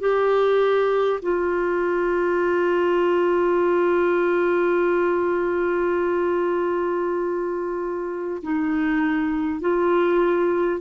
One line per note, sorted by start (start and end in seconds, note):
0.00 1.20 G4
1.23 8.43 F4
8.43 9.61 D#4
9.61 10.81 F4